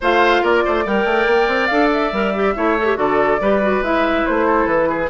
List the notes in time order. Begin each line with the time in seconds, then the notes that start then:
0.01 A3 F4 C5 F5
0.41 A#3 A#4 D5
0.65 A3 C5
0.84 G3 A#4 D5 G5
1.04 A3
1.27 A#3
1.47 C4
1.66 D4 A4 F5
1.92 E5
2.12 G3 A#4
2.35 G4
2.56 A3 E4 C#5
2.78 A4
2.85 G4
2.95 D3 F#4 A4 D5
3.40 G3 G4 B4
3.62 F#4
3.81 G#3 E4 E5
4.26 A3 C5
4.46 A4
4.66 E3 B4
4.88 G#4